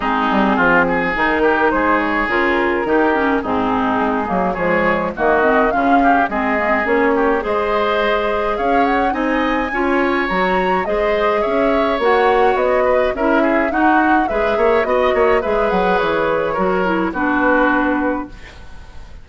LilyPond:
<<
  \new Staff \with { instrumentName = "flute" } { \time 4/4 \tempo 4 = 105 gis'2 ais'4 c''8 cis''8 | ais'2 gis'2 | cis''4 dis''4 f''4 dis''4 | cis''4 dis''2 f''8 fis''8 |
gis''2 ais''4 dis''4 | e''4 fis''4 dis''4 e''4 | fis''4 e''4 dis''4 e''8 fis''8 | cis''2 b'2 | }
  \new Staff \with { instrumentName = "oboe" } { \time 4/4 dis'4 f'8 gis'4 g'8 gis'4~ | gis'4 g'4 dis'2 | gis'4 fis'4 f'8 g'8 gis'4~ | gis'8 g'8 c''2 cis''4 |
dis''4 cis''2 c''4 | cis''2~ cis''8 b'8 ais'8 gis'8 | fis'4 b'8 cis''8 dis''8 cis''8 b'4~ | b'4 ais'4 fis'2 | }
  \new Staff \with { instrumentName = "clarinet" } { \time 4/4 c'2 dis'2 | f'4 dis'8 cis'8 c'4. ais8 | gis4 ais8 c'8 cis'4 c'8 ais16 c'16 | cis'4 gis'2. |
dis'4 f'4 fis'4 gis'4~ | gis'4 fis'2 e'4 | dis'4 gis'4 fis'4 gis'4~ | gis'4 fis'8 e'8 d'2 | }
  \new Staff \with { instrumentName = "bassoon" } { \time 4/4 gis8 g8 f4 dis4 gis4 | cis4 dis4 gis,4 gis8 fis8 | f4 dis4 cis4 gis4 | ais4 gis2 cis'4 |
c'4 cis'4 fis4 gis4 | cis'4 ais4 b4 cis'4 | dis'4 gis8 ais8 b8 ais8 gis8 fis8 | e4 fis4 b2 | }
>>